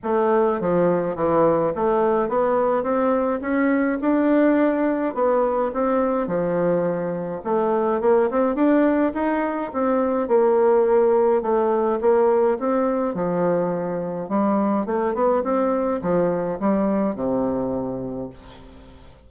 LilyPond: \new Staff \with { instrumentName = "bassoon" } { \time 4/4 \tempo 4 = 105 a4 f4 e4 a4 | b4 c'4 cis'4 d'4~ | d'4 b4 c'4 f4~ | f4 a4 ais8 c'8 d'4 |
dis'4 c'4 ais2 | a4 ais4 c'4 f4~ | f4 g4 a8 b8 c'4 | f4 g4 c2 | }